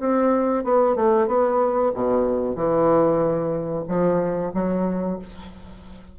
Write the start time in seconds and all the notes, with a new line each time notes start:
0.00 C4
0.64 B3
0.96 A3
1.28 B3
1.95 B2
2.56 E3
3.88 F3
4.55 F#3